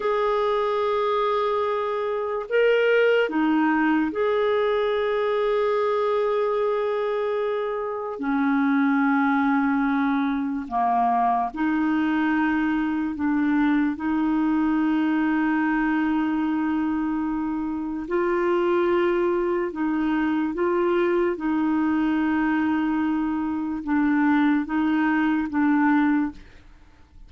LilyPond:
\new Staff \with { instrumentName = "clarinet" } { \time 4/4 \tempo 4 = 73 gis'2. ais'4 | dis'4 gis'2.~ | gis'2 cis'2~ | cis'4 ais4 dis'2 |
d'4 dis'2.~ | dis'2 f'2 | dis'4 f'4 dis'2~ | dis'4 d'4 dis'4 d'4 | }